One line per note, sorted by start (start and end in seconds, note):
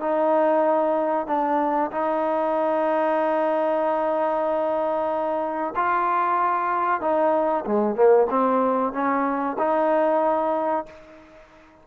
0.00 1.27 D#4
1.27 1.91 D4
1.91 5.74 D#4
5.76 7.01 F4
7.01 7.65 D#4
7.66 7.96 G#3
7.96 8.27 A#3
8.30 8.93 C4
8.93 9.57 C#4
9.59 10.86 D#4